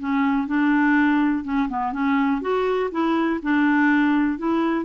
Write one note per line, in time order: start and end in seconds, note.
0.00 0.48 C#4
0.48 1.44 D4
1.44 1.69 C#4
1.69 1.93 B3
1.93 2.42 C#4
2.42 2.91 F#4
2.92 3.40 E4
3.43 4.38 D4
4.38 4.85 E4